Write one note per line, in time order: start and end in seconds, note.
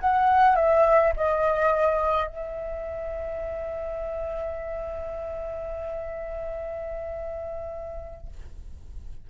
0.00 0.56 F#5
0.56 1.13 E5
1.16 2.27 D#5
2.27 8.27 E5